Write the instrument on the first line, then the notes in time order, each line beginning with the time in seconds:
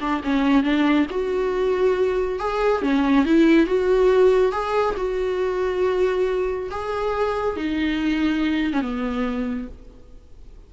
viola
0.00 D4
0.23 C#4
0.63 D4
1.10 F#4
2.39 G#4
2.82 C#4
3.25 E4
3.66 F#4
4.51 G#4
4.97 F#4
6.70 G#4
7.56 D#4
8.73 C#4
8.82 B3